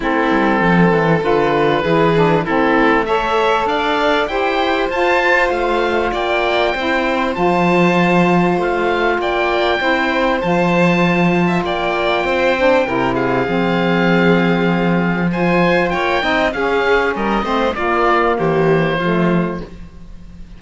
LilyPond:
<<
  \new Staff \with { instrumentName = "oboe" } { \time 4/4 \tempo 4 = 98 a'2 b'2 | a'4 e''4 f''4 g''4 | a''4 f''4 g''2 | a''2 f''4 g''4~ |
g''4 a''2 g''4~ | g''4. f''2~ f''8~ | f''4 gis''4 g''4 f''4 | dis''4 d''4 c''2 | }
  \new Staff \with { instrumentName = "violin" } { \time 4/4 e'4 a'2 gis'4 | e'4 cis''4 d''4 c''4~ | c''2 d''4 c''4~ | c''2. d''4 |
c''2~ c''8. e''16 d''4 | c''4 ais'8 gis'2~ gis'8~ | gis'4 c''4 cis''8 dis''8 gis'4 | ais'8 c''8 f'4 g'4 f'4 | }
  \new Staff \with { instrumentName = "saxophone" } { \time 4/4 c'2 f'4 e'8 d'8 | c'4 a'2 g'4 | f'2. e'4 | f'1 |
e'4 f'2.~ | f'8 d'8 e'4 c'2~ | c'4 f'4. dis'8 cis'4~ | cis'8 c'8 ais2 a4 | }
  \new Staff \with { instrumentName = "cello" } { \time 4/4 a8 g8 f8 e8 d4 e4 | a2 d'4 e'4 | f'4 a4 ais4 c'4 | f2 a4 ais4 |
c'4 f2 ais4 | c'4 c4 f2~ | f2 ais8 c'8 cis'4 | g8 a8 ais4 e4 f4 | }
>>